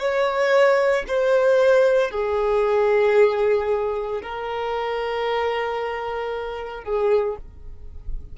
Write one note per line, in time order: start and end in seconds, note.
0.00 1.05 C#5
1.08 2.11 C5
2.11 4.22 G#4
4.23 6.85 A#4
6.85 7.37 G#4